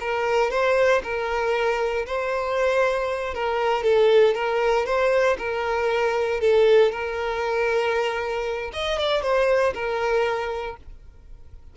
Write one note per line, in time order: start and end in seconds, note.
0.00 0.50 A#4
0.50 1.02 C5
1.03 2.06 A#4
2.06 3.34 C5
3.34 3.83 A#4
3.83 4.34 A4
4.34 4.86 A#4
4.86 5.37 C5
5.38 6.41 A#4
6.41 6.92 A4
6.92 8.71 A#4
8.73 8.98 D#5
8.98 9.22 D5
9.22 9.73 C5
9.74 10.76 A#4